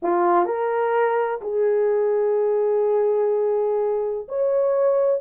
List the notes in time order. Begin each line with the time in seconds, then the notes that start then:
0.02 F4
0.45 A#4
1.41 G#4
4.28 C#5